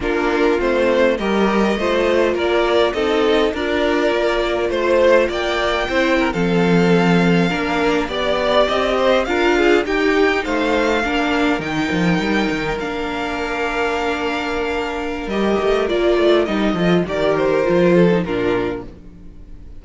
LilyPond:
<<
  \new Staff \with { instrumentName = "violin" } { \time 4/4 \tempo 4 = 102 ais'4 c''4 dis''2 | d''4 dis''4 d''2 | c''4 g''4.~ g''16 f''4~ f''16~ | f''4.~ f''16 d''4 dis''4 f''16~ |
f''8. g''4 f''2 g''16~ | g''4.~ g''16 f''2~ f''16~ | f''2 dis''4 d''4 | dis''4 d''8 c''4. ais'4 | }
  \new Staff \with { instrumentName = "violin" } { \time 4/4 f'2 ais'4 c''4 | ais'4 a'4 ais'2 | c''4 d''4 c''8 ais'16 a'4~ a'16~ | a'8. ais'4 d''4. c''8 ais'16~ |
ais'16 gis'8 g'4 c''4 ais'4~ ais'16~ | ais'1~ | ais'1~ | ais'8 a'8 ais'4. a'8 f'4 | }
  \new Staff \with { instrumentName = "viola" } { \time 4/4 d'4 c'4 g'4 f'4~ | f'4 dis'4 f'2~ | f'2 e'8. c'4~ c'16~ | c'8. d'4 g'2 f'16~ |
f'8. dis'2 d'4 dis'16~ | dis'4.~ dis'16 d'2~ d'16~ | d'2 g'4 f'4 | dis'8 f'8 g'4 f'8. dis'16 d'4 | }
  \new Staff \with { instrumentName = "cello" } { \time 4/4 ais4 a4 g4 a4 | ais4 c'4 d'4 ais4 | a4 ais4 c'8. f4~ f16~ | f8. ais4 b4 c'4 d'16~ |
d'8. dis'4 a4 ais4 dis16~ | dis16 f8 g8 dis8 ais2~ ais16~ | ais2 g8 a8 ais8 a8 | g8 f8 dis4 f4 ais,4 | }
>>